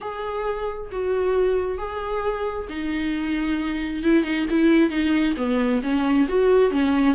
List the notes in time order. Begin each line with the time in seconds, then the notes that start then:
0.00 G#4
0.91 F#4
1.78 G#4
2.69 D#4
4.03 E4
4.23 D#4
4.50 E4
4.90 D#4
5.36 B3
5.82 C#4
6.28 F#4
6.70 C#4